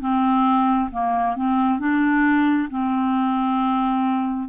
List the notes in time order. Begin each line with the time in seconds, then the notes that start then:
0.00 C4
0.91 A#3
1.36 C4
1.80 D4
2.70 C4